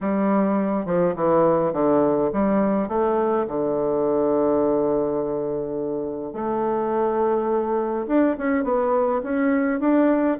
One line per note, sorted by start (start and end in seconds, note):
0.01 0.85 G3
0.85 1.14 F3
1.15 1.73 E3
1.73 2.30 D3
2.32 2.88 G3
2.88 3.46 A3
3.47 6.33 D3
6.33 8.06 A3
8.07 8.36 D4
8.38 8.64 C#4
8.64 9.22 B3
9.23 9.79 C#4
9.79 10.37 D4